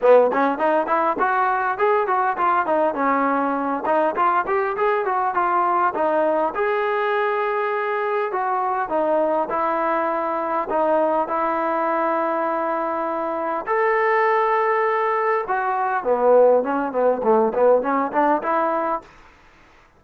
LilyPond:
\new Staff \with { instrumentName = "trombone" } { \time 4/4 \tempo 4 = 101 b8 cis'8 dis'8 e'8 fis'4 gis'8 fis'8 | f'8 dis'8 cis'4. dis'8 f'8 g'8 | gis'8 fis'8 f'4 dis'4 gis'4~ | gis'2 fis'4 dis'4 |
e'2 dis'4 e'4~ | e'2. a'4~ | a'2 fis'4 b4 | cis'8 b8 a8 b8 cis'8 d'8 e'4 | }